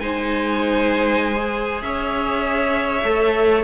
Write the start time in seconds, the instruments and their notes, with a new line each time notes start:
0.00 cello G#3, viola D#4, violin C5 G#5
1.35 viola G#4
1.82 cello C#4, violin C#5 E5
3.04 cello A3, viola A4